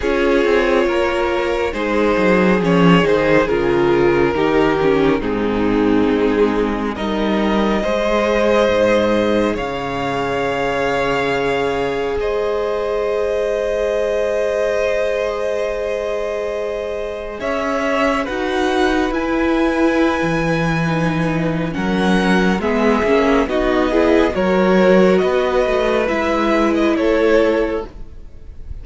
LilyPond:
<<
  \new Staff \with { instrumentName = "violin" } { \time 4/4 \tempo 4 = 69 cis''2 c''4 cis''8 c''8 | ais'2 gis'2 | dis''2. f''4~ | f''2 dis''2~ |
dis''1 | e''4 fis''4 gis''2~ | gis''4 fis''4 e''4 dis''4 | cis''4 dis''4 e''8. dis''16 cis''4 | }
  \new Staff \with { instrumentName = "violin" } { \time 4/4 gis'4 ais'4 gis'2~ | gis'4 g'4 dis'2 | ais'4 c''2 cis''4~ | cis''2 c''2~ |
c''1 | cis''4 b'2.~ | b'4 ais'4 gis'4 fis'8 gis'8 | ais'4 b'2 a'4 | }
  \new Staff \with { instrumentName = "viola" } { \time 4/4 f'2 dis'4 cis'8 dis'8 | f'4 dis'8 cis'8 c'2 | dis'4 gis'2.~ | gis'1~ |
gis'1~ | gis'4 fis'4 e'2 | dis'4 cis'4 b8 cis'8 dis'8 e'8 | fis'2 e'2 | }
  \new Staff \with { instrumentName = "cello" } { \time 4/4 cis'8 c'8 ais4 gis8 fis8 f8 dis8 | cis4 dis4 gis,4 gis4 | g4 gis4 gis,4 cis4~ | cis2 gis2~ |
gis1 | cis'4 dis'4 e'4~ e'16 e8.~ | e4 fis4 gis8 ais8 b4 | fis4 b8 a8 gis4 a4 | }
>>